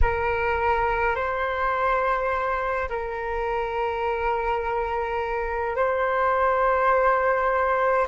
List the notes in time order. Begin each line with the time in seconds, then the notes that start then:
0.01 A#4
1.15 C5
2.88 A#4
5.75 C5